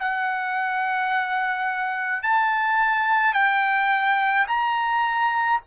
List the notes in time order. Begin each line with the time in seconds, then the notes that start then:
0.00 F#5
2.23 A5
3.34 G5
4.48 A#5